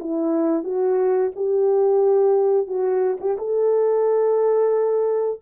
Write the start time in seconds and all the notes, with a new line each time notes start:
0.00 E4
0.64 F#4
1.36 G4
2.68 F#4
3.21 G4
3.38 A4